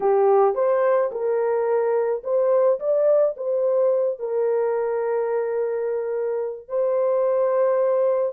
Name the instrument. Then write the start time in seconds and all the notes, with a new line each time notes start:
horn
0.00 G4
0.54 C5
1.11 A#4
2.23 C5
2.79 D5
3.36 C5
4.19 A#4
6.68 C5